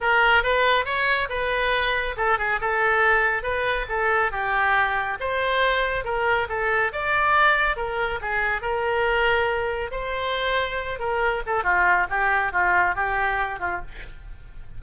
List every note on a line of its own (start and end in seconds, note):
0.00 0.43 A#4
0.43 0.85 B4
0.85 1.28 C#5
1.29 2.15 B4
2.16 2.38 A4
2.38 2.60 G#4
2.60 3.42 A4
3.42 3.86 B4
3.88 4.31 A4
4.31 5.17 G4
5.20 6.04 C5
6.04 6.47 A#4
6.48 6.91 A4
6.92 7.76 D5
7.76 8.19 A#4
8.21 8.61 G#4
8.61 9.91 A#4
9.91 10.99 C5
10.99 11.42 A#4
11.46 11.63 A4
11.63 12.06 F4
12.09 12.52 G4
12.52 12.95 F4
12.95 13.59 G4
13.59 13.81 F4